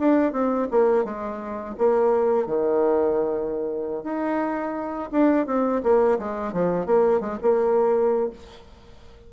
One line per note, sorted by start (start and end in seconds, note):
0.00 0.33 D4
0.33 0.68 C4
0.72 1.05 A#3
1.05 1.76 G#3
1.78 2.47 A#3
2.47 4.04 D#3
4.04 5.10 D#4
5.12 5.47 D4
5.47 5.82 C4
5.84 6.19 A#3
6.19 6.53 G#3
6.53 6.87 F3
6.87 7.21 A#3
7.21 7.38 G#3
7.42 8.31 A#3